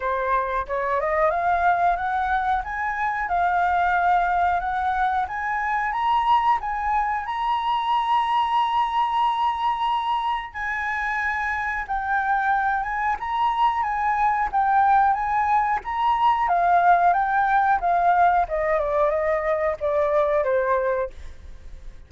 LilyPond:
\new Staff \with { instrumentName = "flute" } { \time 4/4 \tempo 4 = 91 c''4 cis''8 dis''8 f''4 fis''4 | gis''4 f''2 fis''4 | gis''4 ais''4 gis''4 ais''4~ | ais''1 |
gis''2 g''4. gis''8 | ais''4 gis''4 g''4 gis''4 | ais''4 f''4 g''4 f''4 | dis''8 d''8 dis''4 d''4 c''4 | }